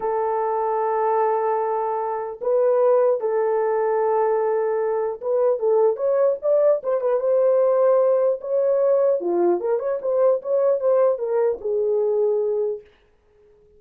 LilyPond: \new Staff \with { instrumentName = "horn" } { \time 4/4 \tempo 4 = 150 a'1~ | a'2 b'2 | a'1~ | a'4 b'4 a'4 cis''4 |
d''4 c''8 b'8 c''2~ | c''4 cis''2 f'4 | ais'8 cis''8 c''4 cis''4 c''4 | ais'4 gis'2. | }